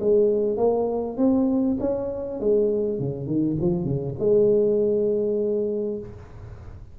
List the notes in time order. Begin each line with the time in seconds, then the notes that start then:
0.00 G#3
0.57 A#3
1.17 C4
1.80 C#4
2.40 G#3
2.99 C#3
3.27 D#3
3.61 F3
3.85 C#3
4.19 G#3